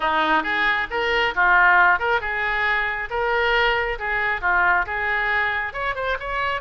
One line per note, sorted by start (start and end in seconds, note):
0.00 0.43 D#4
0.43 0.87 G#4
0.90 1.34 A#4
1.35 1.99 F4
1.99 2.21 A#4
2.21 3.09 G#4
3.10 3.98 A#4
3.98 4.41 G#4
4.41 4.85 F4
4.86 5.73 G#4
5.73 5.95 C#5
5.95 6.17 C5
6.19 6.61 C#5